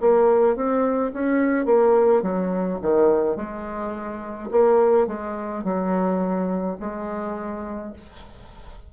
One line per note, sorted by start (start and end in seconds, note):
0.00 0.56 A#3
0.56 1.12 C4
1.13 1.65 C#4
1.65 2.22 A#3
2.22 2.79 F#3
2.81 3.36 D#3
3.36 4.49 G#3
4.51 5.07 A#3
5.07 5.63 G#3
5.63 6.77 F#3
6.79 7.93 G#3